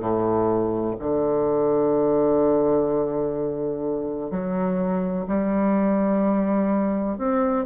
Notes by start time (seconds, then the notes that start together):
0.00 A2
1.00 D3
4.31 F#3
5.28 G3
7.18 C4